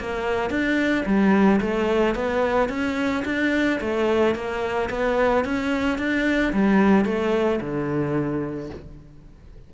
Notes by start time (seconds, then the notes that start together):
0.00 A#3
0.50 D4
1.06 G3
1.61 A3
2.15 B3
2.69 C#4
3.25 D4
3.81 A3
4.35 A#3
4.90 B3
5.45 C#4
5.98 D4
6.53 G3
7.05 A3
7.61 D3